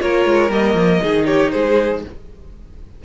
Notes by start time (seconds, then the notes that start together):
0.00 A#3 F4 A#4 C#5
0.26 G#3
0.50 G3 A#3 D#5
0.75 F3
1.02 D#3 D#4 G#4
1.26 G4 C#5
1.52 G#3 G#4 C5